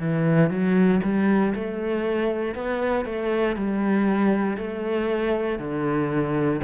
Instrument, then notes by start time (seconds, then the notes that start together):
cello
0.00 E3
0.50 F#3
1.03 G3
1.55 A3
2.55 B3
3.05 A3
3.56 G3
4.57 A3
5.59 D3